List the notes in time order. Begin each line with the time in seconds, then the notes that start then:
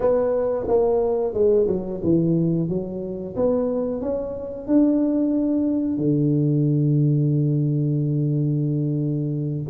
0.00 B3
0.67 A#3
1.33 G#3
1.67 F#3
2.03 E3
2.68 F#3
3.35 B3
4.01 C#4
4.67 D4
5.97 D3